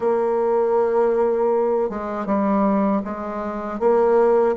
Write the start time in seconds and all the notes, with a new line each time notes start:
0.00 A#3
1.89 G#3
2.26 G3
3.04 G#3
3.79 A#3